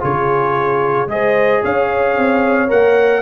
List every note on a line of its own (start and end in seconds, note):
0.00 1.06 C#3
0.00 1.07 F4
0.00 1.10 G#4
0.00 1.09 C#5
1.06 1.60 G#3
1.06 2.68 G#4
1.06 1.62 C5
1.06 1.63 D#5
1.62 2.17 C#4
1.62 3.22 C#5
1.62 2.70 F5
2.17 2.71 C4
2.68 3.22 A#3
2.68 3.21 A#4
2.68 3.22 F#5